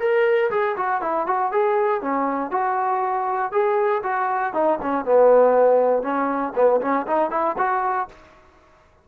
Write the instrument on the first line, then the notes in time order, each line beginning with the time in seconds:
trombone
0.00 A#4
0.51 G#4
0.77 F#4
1.02 E4
1.27 F#4
1.52 G#4
2.02 C#4
2.51 F#4
3.52 G#4
4.04 F#4
4.54 D#4
4.82 C#4
5.05 B3
6.03 C#4
6.56 B3
6.81 C#4
7.07 D#4
7.31 E4
7.58 F#4